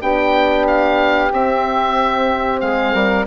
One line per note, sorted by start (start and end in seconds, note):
0.00 1.31 B3
0.00 1.30 D4
0.00 2.62 G4
0.00 0.66 G5
0.66 1.32 F5
1.31 2.61 C4
1.31 3.27 C4
1.31 2.60 E5
2.60 2.93 G#3
2.60 2.93 G#4
2.60 3.25 F5
2.93 3.26 G3
2.93 3.25 A#4